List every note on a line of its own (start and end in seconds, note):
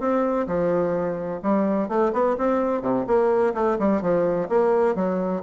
0.00 0.47 C4
0.47 1.41 F3
1.43 1.89 G3
1.89 2.12 A3
2.13 2.37 B3
2.38 2.82 C4
2.82 3.06 C3
3.07 3.54 A#3
3.55 3.78 A3
3.79 4.02 G3
4.02 4.49 F3
4.49 4.96 A#3
4.96 5.42 F#3